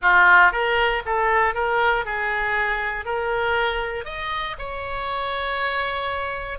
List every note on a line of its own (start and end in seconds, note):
0.02 0.52 F4
0.52 1.03 A#4
1.05 1.54 A4
1.54 2.05 A#4
2.05 3.05 G#4
3.05 4.04 A#4
4.04 4.55 D#5
4.58 6.58 C#5